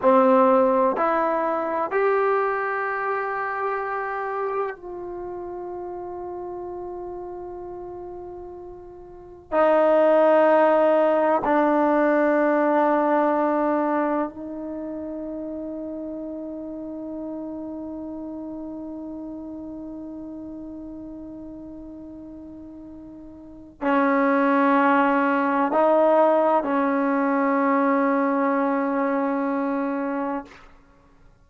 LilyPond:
\new Staff \with { instrumentName = "trombone" } { \time 4/4 \tempo 4 = 63 c'4 e'4 g'2~ | g'4 f'2.~ | f'2 dis'2 | d'2. dis'4~ |
dis'1~ | dis'1~ | dis'4 cis'2 dis'4 | cis'1 | }